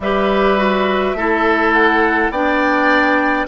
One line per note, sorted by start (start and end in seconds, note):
0.00 1.13 G3
0.00 0.58 G4
0.00 1.17 B4
0.00 1.73 E5
0.58 1.15 F#4
1.14 2.29 A3
1.14 2.32 E4
1.14 2.31 A4
1.73 2.30 F#5
2.30 3.45 B3
2.30 3.47 D4
2.30 3.46 D5
2.30 3.46 G5